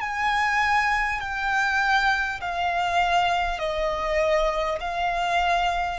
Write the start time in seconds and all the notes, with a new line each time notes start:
0.00 G#5
1.20 G5
2.41 F5
3.58 D#5
4.79 F5